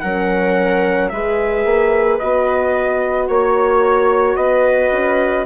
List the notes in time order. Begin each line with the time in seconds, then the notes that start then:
0.00 F#3 C#4 A#4 F#5
1.10 G#3 G#4 B4 E5
1.65 A#3
2.20 B3 F#4 D#5
3.29 A#3 C#5
4.36 B3 B4 D#5
4.92 C#4